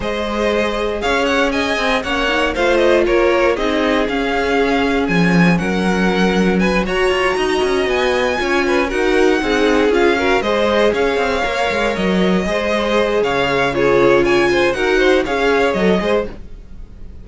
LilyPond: <<
  \new Staff \with { instrumentName = "violin" } { \time 4/4 \tempo 4 = 118 dis''2 f''8 fis''8 gis''4 | fis''4 f''8 dis''8 cis''4 dis''4 | f''2 gis''4 fis''4~ | fis''4 gis''8 ais''2 gis''8~ |
gis''4. fis''2 f''8~ | f''8 dis''4 f''2 dis''8~ | dis''2 f''4 cis''4 | gis''4 fis''4 f''4 dis''4 | }
  \new Staff \with { instrumentName = "violin" } { \time 4/4 c''2 cis''4 dis''4 | cis''4 c''4 ais'4 gis'4~ | gis'2. ais'4~ | ais'4 b'8 cis''4 dis''4.~ |
dis''8 cis''8 b'8 ais'4 gis'4. | ais'8 c''4 cis''2~ cis''8~ | cis''8 c''4. cis''4 gis'4 | cis''8 c''8 ais'8 c''8 cis''4. c''8 | }
  \new Staff \with { instrumentName = "viola" } { \time 4/4 gis'1 | cis'8 dis'8 f'2 dis'4 | cis'1~ | cis'4. fis'2~ fis'8~ |
fis'8 f'4 fis'4 dis'4 f'8 | fis'8 gis'2 ais'4.~ | ais'8 gis'2~ gis'8 f'4~ | f'4 fis'4 gis'4 a'8 gis'8 | }
  \new Staff \with { instrumentName = "cello" } { \time 4/4 gis2 cis'4. c'8 | ais4 a4 ais4 c'4 | cis'2 f4 fis4~ | fis4. fis'8 f'8 dis'8 cis'8 b8~ |
b8 cis'4 dis'4 c'4 cis'8~ | cis'8 gis4 cis'8 c'8 ais8 gis8 fis8~ | fis8 gis4. cis2~ | cis4 dis'4 cis'4 fis8 gis8 | }
>>